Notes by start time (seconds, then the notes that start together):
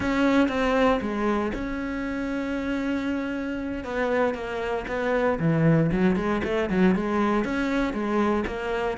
0.00 C#4
0.48 C4
1.01 G#3
1.54 C#4
3.84 B3
4.34 A#3
4.87 B3
5.39 E3
5.91 F#3
6.16 G#3
6.44 A3
6.69 F#3
6.95 G#3
7.44 C#4
7.93 G#3
8.46 A#3